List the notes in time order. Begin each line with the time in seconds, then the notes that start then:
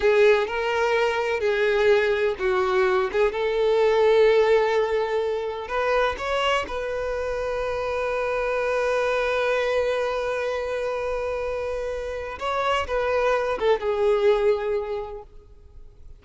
0.00 G#4
0.47 A#4
1.39 G#4
2.38 F#4
3.11 G#4
3.32 A4
5.68 B4
6.18 C#5
6.67 B4
12.39 C#5
12.87 B4
13.59 A4
13.80 G#4